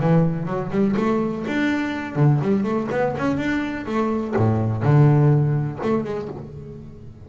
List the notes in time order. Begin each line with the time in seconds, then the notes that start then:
0.00 E3
0.46 F#3
0.71 G3
0.97 A3
1.48 D4
2.16 D3
2.42 G3
2.64 A3
2.92 B3
3.18 C#4
3.38 D4
3.86 A3
4.37 A2
4.83 D3
5.83 A3
6.05 G#3